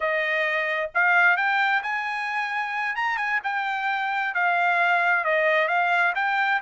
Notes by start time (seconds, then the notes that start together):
0.00 D#5
0.94 F5
1.37 G5
1.82 G#5
2.95 A#5
3.17 G#5
3.43 G5
4.34 F5
5.24 D#5
5.67 F5
6.15 G5